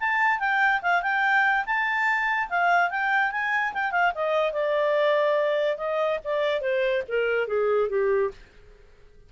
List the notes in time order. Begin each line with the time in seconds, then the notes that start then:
0.00 A5
0.40 G5
0.82 F5
1.03 G5
1.66 A5
2.50 F5
2.91 G5
3.32 G#5
3.74 G5
3.92 F5
4.15 D#5
4.53 D5
5.78 D#5
6.24 D5
6.61 C5
7.08 A#4
7.48 G#4
7.90 G4